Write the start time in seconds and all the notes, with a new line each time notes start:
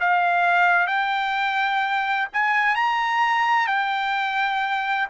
0.00 F5
0.87 G5
2.33 G#5
2.75 A#5
3.67 G5